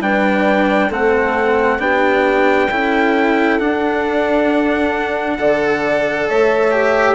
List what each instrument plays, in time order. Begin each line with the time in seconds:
0.00 bassoon G3, cello D4, horn B4, trumpet G5
0.89 bassoon A3, cello C4, horn A4, trumpet F#5
1.79 bassoon B3, cello D4, horn G4, trumpet G5
2.71 bassoon C#4, cello E4, horn A4
3.60 cello D4, bassoon D4, trumpet F#5
5.38 bassoon D3, cello A4, horn D5
6.29 bassoon A3, horn C#5, trumpet E5
6.71 cello G4